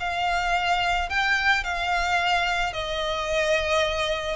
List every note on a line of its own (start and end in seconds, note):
0.00 1.10 F5
1.10 1.64 G5
1.64 2.73 F5
2.73 4.37 D#5